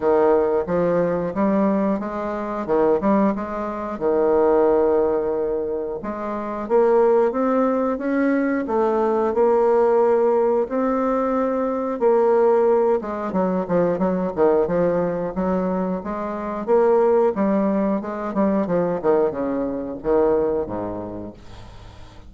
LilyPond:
\new Staff \with { instrumentName = "bassoon" } { \time 4/4 \tempo 4 = 90 dis4 f4 g4 gis4 | dis8 g8 gis4 dis2~ | dis4 gis4 ais4 c'4 | cis'4 a4 ais2 |
c'2 ais4. gis8 | fis8 f8 fis8 dis8 f4 fis4 | gis4 ais4 g4 gis8 g8 | f8 dis8 cis4 dis4 gis,4 | }